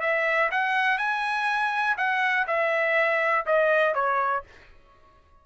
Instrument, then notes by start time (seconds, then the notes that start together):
trumpet
0.00 E5
0.51 F#5
0.98 G#5
1.97 F#5
2.47 E5
3.46 D#5
3.94 C#5